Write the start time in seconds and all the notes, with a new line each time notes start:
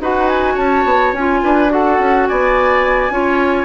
0.00 D#4 F#4 B4 F#5
0.28 G#5
0.54 C#4 C#5 A5
0.84 B3
1.13 C#4 F4 G#5
1.43 D4 B4
1.69 F#4 A4 F#5
1.99 C#4
2.27 B3 D5 G#5
3.09 C#4 F4 C#5